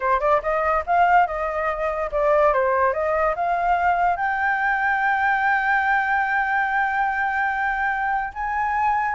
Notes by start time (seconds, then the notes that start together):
0.00 C5
0.20 D5
0.42 D#5
0.86 F5
1.26 D#5
2.11 D5
2.53 C5
2.93 D#5
3.35 F5
4.16 G5
8.34 G#5